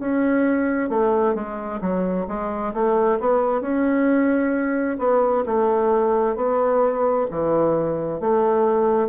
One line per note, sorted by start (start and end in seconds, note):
0.00 0.90 C#4
0.90 1.35 A3
1.35 1.81 G#3
1.81 2.27 F#3
2.28 2.74 G#3
2.74 3.19 A3
3.20 3.62 B3
3.62 4.98 C#4
4.99 5.45 B3
5.46 6.36 A3
6.36 7.27 B3
7.31 8.21 E3
8.21 9.09 A3